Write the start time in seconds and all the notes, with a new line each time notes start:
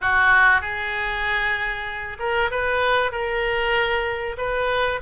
0.01 F#4
0.61 G#4
2.19 A#4
2.50 B4
3.11 A#4
4.38 B4